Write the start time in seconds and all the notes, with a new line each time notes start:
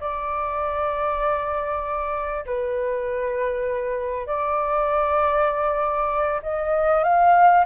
0.00 D5
2.45 B4
4.26 D5
6.42 D#5
7.03 F5